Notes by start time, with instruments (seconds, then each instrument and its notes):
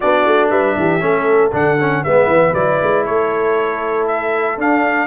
0.00 tuba B3, trombone D4, horn F#4, trumpet D5
0.26 tuba A3
0.50 tuba G3, horn B4, trumpet E5
0.76 tuba E3, horn G4
0.99 tuba A3, trombone C#4, horn A4
1.52 tuba D3, trombone D4, trumpet F#5
1.80 trombone C#4
2.03 tuba G#3, trombone B3, horn B4, trumpet E5
2.26 tuba E3
2.53 tuba F#3, trombone E4, trumpet D5
2.82 tuba G#3
3.04 tuba A3, horn A4, trumpet C#5
4.07 trumpet E5
4.57 tuba D4, trombone D4, trumpet F5